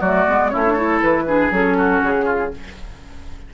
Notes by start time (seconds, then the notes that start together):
0.00 F#3 A3 F#4 D5
0.27 G#3 B3
0.49 A3 C#4 E4 C#5
0.66 D4
0.72 E4 A4
1.02 E3 B4
1.26 D4 G#4
1.50 F#3 C#4 A4
1.77 F#4
2.03 C#3 G#4
2.25 F4